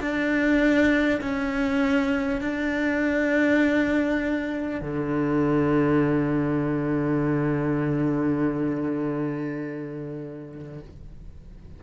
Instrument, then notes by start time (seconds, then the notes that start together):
cello
0.00 D4
1.21 C#4
2.41 D4
4.81 D3